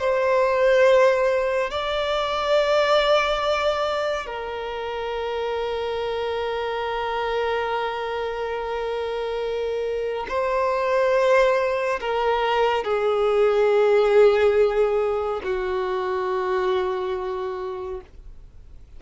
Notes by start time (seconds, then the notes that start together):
0.00 C5
1.71 D5
4.27 A#4
10.29 C5
12.01 A#4
12.84 G#4
15.44 F#4